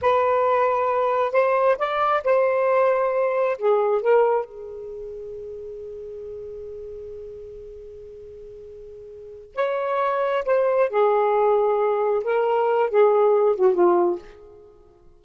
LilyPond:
\new Staff \with { instrumentName = "saxophone" } { \time 4/4 \tempo 4 = 135 b'2. c''4 | d''4 c''2. | gis'4 ais'4 gis'2~ | gis'1~ |
gis'1~ | gis'4. cis''2 c''8~ | c''8 gis'2. ais'8~ | ais'4 gis'4. fis'8 f'4 | }